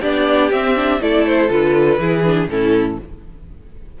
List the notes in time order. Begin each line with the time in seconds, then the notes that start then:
0.00 B3 D4 G4 D5
0.51 C4 E5
0.75 D4
1.00 A3 E4 A4 D5
1.26 C5
1.49 D3 F4 B4
1.98 E3 E4 G#4
2.24 D4
2.48 A2 C#4 E4 A4